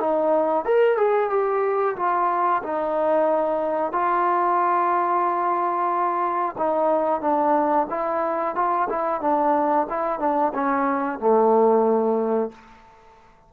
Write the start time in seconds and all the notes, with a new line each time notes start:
0.00 D#4
0.65 A#4
0.98 G#4
1.30 G4
1.97 F4
2.63 D#4
3.93 F4
6.58 D#4
7.21 D4
7.90 E4
8.56 F4
8.90 E4
9.21 D4
9.90 E4
10.20 D4
10.54 C#4
11.20 A3